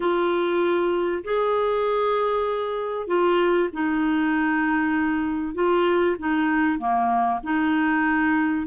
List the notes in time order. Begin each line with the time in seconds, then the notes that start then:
0.00 F4
1.24 G#4
3.07 F4
3.73 D#4
5.54 F4
6.19 D#4
6.78 A#3
7.43 D#4